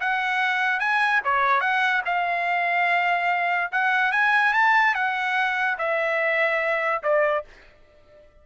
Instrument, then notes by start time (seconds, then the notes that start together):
trumpet
0.00 F#5
0.80 G#5
1.24 C#5
1.61 F#5
2.05 F5
3.72 F#5
4.12 G#5
4.53 A5
4.94 F#5
5.78 E5
7.03 D5